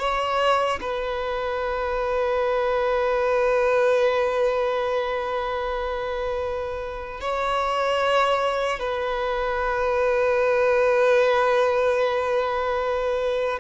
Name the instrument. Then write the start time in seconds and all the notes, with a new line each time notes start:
violin
0.00 C#5
0.81 B4
7.21 C#5
8.80 B4